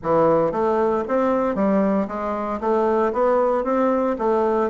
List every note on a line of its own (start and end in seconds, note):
0.02 0.51 E3
0.51 1.03 A3
1.07 1.55 C4
1.55 2.07 G3
2.07 2.59 G#3
2.60 3.12 A3
3.12 3.64 B3
3.64 4.16 C4
4.18 4.70 A3